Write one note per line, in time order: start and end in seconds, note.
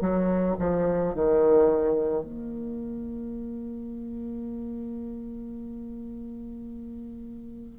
0.00 0.56 F#3
0.59 1.14 F3
1.14 2.24 D#3
2.24 7.78 A#3